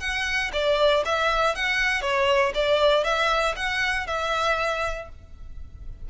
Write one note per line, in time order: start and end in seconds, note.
0.00 0.51 F#5
0.53 1.04 D5
1.05 1.55 E5
1.55 2.02 F#5
2.02 2.52 C#5
2.54 3.04 D5
3.04 3.55 E5
3.56 4.07 F#5
4.07 5.08 E5